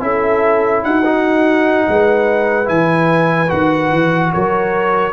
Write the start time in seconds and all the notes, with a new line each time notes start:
0.00 C#4 E4 A4 E5
0.83 D#4 F#4 F#5
1.05 D#4
1.88 G#3 B4
2.65 E3 E4 G#5
3.48 D#3 F#4 F#5
3.91 E3
4.33 F#3 A#4 C#5